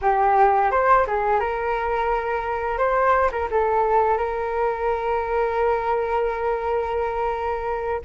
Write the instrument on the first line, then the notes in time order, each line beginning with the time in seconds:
flute
0.01 G4
0.71 C5
1.07 G#4
1.40 A#4
2.78 C5
3.31 A#4
3.50 A4
4.17 A#4